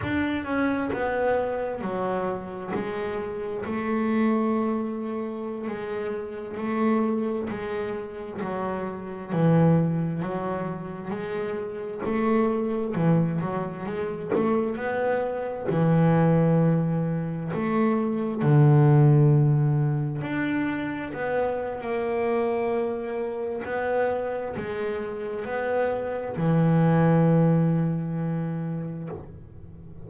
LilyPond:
\new Staff \with { instrumentName = "double bass" } { \time 4/4 \tempo 4 = 66 d'8 cis'8 b4 fis4 gis4 | a2~ a16 gis4 a8.~ | a16 gis4 fis4 e4 fis8.~ | fis16 gis4 a4 e8 fis8 gis8 a16~ |
a16 b4 e2 a8.~ | a16 d2 d'4 b8. | ais2 b4 gis4 | b4 e2. | }